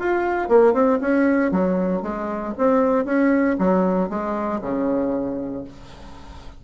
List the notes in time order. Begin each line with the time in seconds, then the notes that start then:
0.00 F4
0.49 A#3
0.74 C4
1.02 C#4
1.52 F#3
2.03 G#3
2.58 C4
3.06 C#4
3.59 F#3
4.10 G#3
4.62 C#3